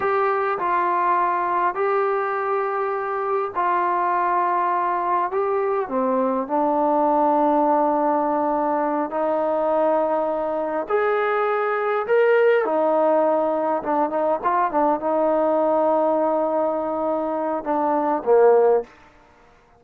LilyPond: \new Staff \with { instrumentName = "trombone" } { \time 4/4 \tempo 4 = 102 g'4 f'2 g'4~ | g'2 f'2~ | f'4 g'4 c'4 d'4~ | d'2.~ d'8 dis'8~ |
dis'2~ dis'8 gis'4.~ | gis'8 ais'4 dis'2 d'8 | dis'8 f'8 d'8 dis'2~ dis'8~ | dis'2 d'4 ais4 | }